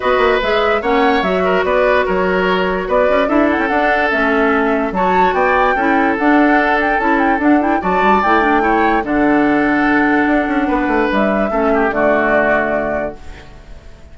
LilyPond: <<
  \new Staff \with { instrumentName = "flute" } { \time 4/4 \tempo 4 = 146 dis''4 e''4 fis''4 e''4 | d''4 cis''2 d''4 | e''8 fis''16 g''16 fis''4 e''2 | a''4 g''2 fis''4~ |
fis''8 g''8 a''8 g''8 fis''8 g''8 a''4 | g''2 fis''2~ | fis''2. e''4~ | e''4 d''2. | }
  \new Staff \with { instrumentName = "oboe" } { \time 4/4 b'2 cis''4. ais'8 | b'4 ais'2 b'4 | a'1 | cis''4 d''4 a'2~ |
a'2. d''4~ | d''4 cis''4 a'2~ | a'2 b'2 | a'8 g'8 fis'2. | }
  \new Staff \with { instrumentName = "clarinet" } { \time 4/4 fis'4 gis'4 cis'4 fis'4~ | fis'1 | e'4 d'4 cis'2 | fis'2 e'4 d'4~ |
d'4 e'4 d'8 e'8 fis'4 | e'8 d'8 e'4 d'2~ | d'1 | cis'4 a2. | }
  \new Staff \with { instrumentName = "bassoon" } { \time 4/4 b8 ais8 gis4 ais4 fis4 | b4 fis2 b8 cis'8 | d'8. cis'16 d'4 a2 | fis4 b4 cis'4 d'4~ |
d'4 cis'4 d'4 fis8 g8 | a2 d2~ | d4 d'8 cis'8 b8 a8 g4 | a4 d2. | }
>>